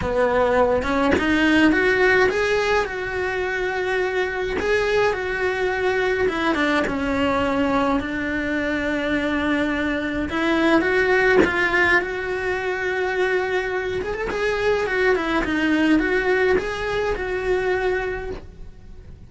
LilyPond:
\new Staff \with { instrumentName = "cello" } { \time 4/4 \tempo 4 = 105 b4. cis'8 dis'4 fis'4 | gis'4 fis'2. | gis'4 fis'2 e'8 d'8 | cis'2 d'2~ |
d'2 e'4 fis'4 | f'4 fis'2.~ | fis'8 gis'16 a'16 gis'4 fis'8 e'8 dis'4 | fis'4 gis'4 fis'2 | }